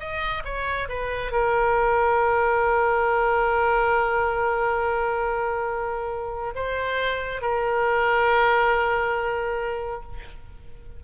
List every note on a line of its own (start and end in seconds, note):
0.00 0.43 D#5
0.45 0.89 C#5
0.89 1.32 B4
1.32 6.54 A#4
6.55 7.42 C5
7.42 10.02 A#4